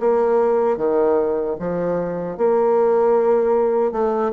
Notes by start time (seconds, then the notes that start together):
0.00 A#3
0.78 D#3
1.60 F3
2.38 A#3
3.92 A3